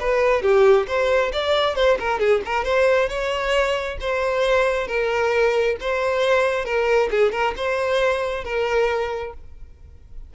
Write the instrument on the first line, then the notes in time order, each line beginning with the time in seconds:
violin
0.00 B4
0.42 G4
0.87 C5
1.32 D5
1.75 C5
1.99 A#4
2.19 G#4
2.45 A#4
2.64 C5
3.09 C#5
4.00 C5
4.87 A#4
5.80 C5
6.65 A#4
7.10 G#4
7.32 A#4
7.56 C5
8.44 A#4